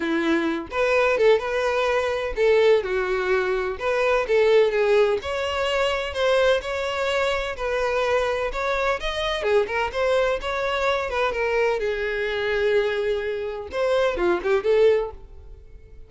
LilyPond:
\new Staff \with { instrumentName = "violin" } { \time 4/4 \tempo 4 = 127 e'4. b'4 a'8 b'4~ | b'4 a'4 fis'2 | b'4 a'4 gis'4 cis''4~ | cis''4 c''4 cis''2 |
b'2 cis''4 dis''4 | gis'8 ais'8 c''4 cis''4. b'8 | ais'4 gis'2.~ | gis'4 c''4 f'8 g'8 a'4 | }